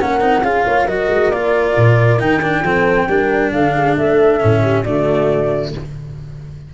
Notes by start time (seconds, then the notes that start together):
0.00 A#3 C#4 A#4 F#5
0.20 C4 D#4
0.43 C#4 F4 G#4 F5
0.65 A#3 C#5
0.85 F#3 F#4 A#4 D#5
1.09 G#3
1.30 A#3 F4 D5
1.77 A#2
2.19 D#3 D#4 G5
2.42 D4
2.62 F3 C4 A4
3.08 G3 D4 A#4
3.52 D3 A4 F5
3.76 G#4
3.96 A3 A4 E5
4.40 A2 C#4
4.62 G4
4.84 D3 A3 F#4 D5